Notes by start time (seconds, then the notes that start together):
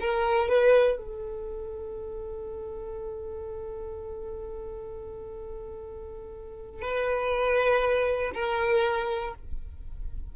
0.00 A#4
0.48 B4
0.97 A4
6.82 B4
8.34 A#4